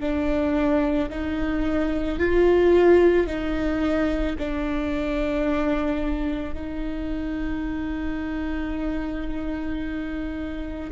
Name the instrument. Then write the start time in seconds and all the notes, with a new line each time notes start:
viola
0.00 D4
1.10 D#4
2.19 F4
3.27 D#4
4.39 D4
6.54 D#4